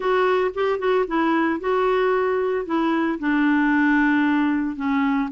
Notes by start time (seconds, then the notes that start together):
0.00 F#4
0.54 G4
0.78 F#4
1.07 E4
1.59 F#4
2.65 E4
3.19 D4
4.76 C#4